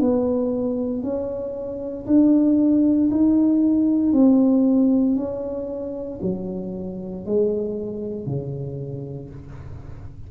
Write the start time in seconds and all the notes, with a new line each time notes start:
0.00 B3
1.03 C#4
2.06 D4
3.10 D#4
4.13 C4
5.16 C#4
6.22 F#3
7.26 G#3
8.26 C#3